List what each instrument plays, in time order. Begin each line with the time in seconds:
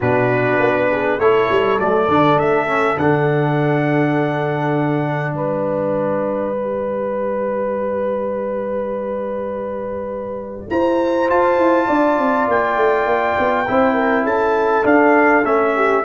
0.00 tuba B2, trombone D4, horn F#4, trumpet B4
0.59 tuba B3
0.90 horn G#4
1.18 tuba A3, trombone E4, horn A4, trumpet C#5
1.51 tuba G3
1.78 tuba F#3, trombone A3, trumpet D5
2.08 tuba D3, trombone D4
2.36 tuba A3, trumpet E5
2.67 trombone C#4
2.96 tuba D3, trombone D4, trumpet F#5
5.33 tuba G3, horn B4, trumpet D5
6.55 trombone G4
10.70 tuba E4, horn C5, trumpet A#5
11.28 trombone F4, tuba F4, trumpet A5
11.57 tuba E4
11.86 tuba D4, horn D5
12.18 tuba C4
12.47 tuba A#3, trumpet G5
12.76 tuba A3
13.06 tuba A#3
13.38 tuba B3
13.67 tuba C4, trombone E4, horn C5
13.94 horn A#4
14.23 tuba C#4, horn A4, trumpet A5
14.83 trombone D4, tuba D4, trumpet F5
15.44 tuba A3, trombone C#4, trumpet E5
15.75 horn G4